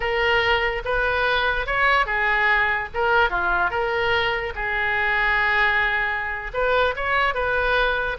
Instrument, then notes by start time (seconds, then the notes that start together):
oboe
0.00 A#4
0.84 B4
1.66 C#5
2.06 G#4
2.94 A#4
3.30 F4
3.70 A#4
4.55 G#4
6.53 B4
6.96 C#5
7.34 B4